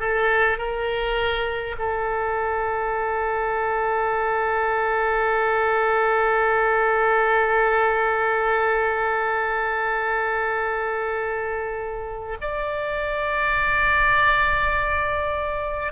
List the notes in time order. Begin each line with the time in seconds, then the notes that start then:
0.00 A4
0.58 A#4
1.79 A4
12.41 D5